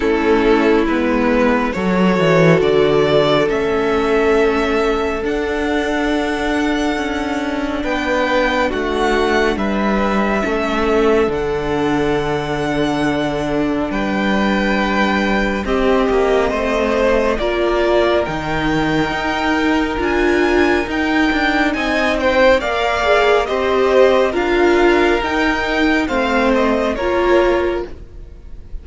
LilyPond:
<<
  \new Staff \with { instrumentName = "violin" } { \time 4/4 \tempo 4 = 69 a'4 b'4 cis''4 d''4 | e''2 fis''2~ | fis''4 g''4 fis''4 e''4~ | e''4 fis''2. |
g''2 dis''2 | d''4 g''2 gis''4 | g''4 gis''8 g''8 f''4 dis''4 | f''4 g''4 f''8 dis''8 cis''4 | }
  \new Staff \with { instrumentName = "violin" } { \time 4/4 e'2 a'2~ | a'1~ | a'4 b'4 fis'4 b'4 | a'1 |
b'2 g'4 c''4 | ais'1~ | ais'4 dis''8 c''8 d''4 c''4 | ais'2 c''4 ais'4 | }
  \new Staff \with { instrumentName = "viola" } { \time 4/4 cis'4 b4 fis'2 | cis'2 d'2~ | d'1 | cis'4 d'2.~ |
d'2 c'2 | f'4 dis'2 f'4 | dis'2 ais'8 gis'8 g'4 | f'4 dis'4 c'4 f'4 | }
  \new Staff \with { instrumentName = "cello" } { \time 4/4 a4 gis4 fis8 e8 d4 | a2 d'2 | cis'4 b4 a4 g4 | a4 d2. |
g2 c'8 ais8 a4 | ais4 dis4 dis'4 d'4 | dis'8 d'8 c'4 ais4 c'4 | d'4 dis'4 a4 ais4 | }
>>